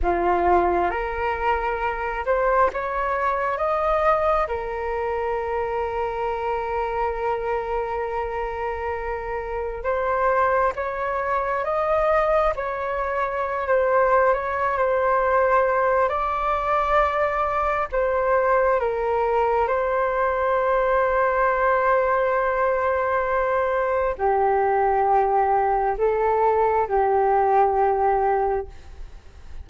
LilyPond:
\new Staff \with { instrumentName = "flute" } { \time 4/4 \tempo 4 = 67 f'4 ais'4. c''8 cis''4 | dis''4 ais'2.~ | ais'2. c''4 | cis''4 dis''4 cis''4~ cis''16 c''8. |
cis''8 c''4. d''2 | c''4 ais'4 c''2~ | c''2. g'4~ | g'4 a'4 g'2 | }